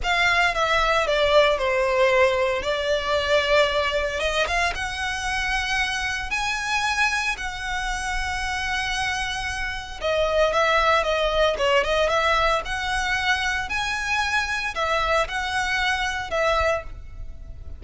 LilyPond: \new Staff \with { instrumentName = "violin" } { \time 4/4 \tempo 4 = 114 f''4 e''4 d''4 c''4~ | c''4 d''2. | dis''8 f''8 fis''2. | gis''2 fis''2~ |
fis''2. dis''4 | e''4 dis''4 cis''8 dis''8 e''4 | fis''2 gis''2 | e''4 fis''2 e''4 | }